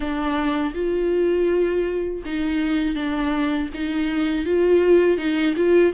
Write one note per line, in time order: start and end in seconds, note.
0.00 0.73 D4
0.74 2.22 F4
2.25 2.95 D#4
2.95 3.69 D4
3.73 4.45 D#4
4.45 5.17 F4
5.17 5.54 D#4
5.56 5.93 F4